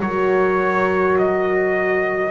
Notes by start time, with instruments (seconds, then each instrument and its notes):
0.00 double bass F#3, horn F#4, saxophone A#4, trumpet C#5
1.18 trumpet D#5